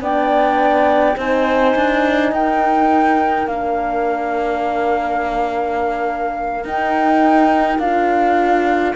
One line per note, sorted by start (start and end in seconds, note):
0.00 1.15 B3
0.00 1.17 D4
0.00 1.17 D5
0.00 1.19 G5
1.17 1.75 C4
1.17 3.48 D#4
1.17 2.32 C5
1.17 2.34 G#5
1.75 2.32 D4
2.32 3.47 D#4
2.32 8.95 A#4
2.32 3.47 G5
3.47 6.64 A#3
3.47 6.64 D4
3.47 6.65 F5
6.64 7.80 D#4
6.64 7.79 D#4
6.64 7.79 G5
7.79 8.94 D4
7.79 8.96 F4
7.79 8.95 F5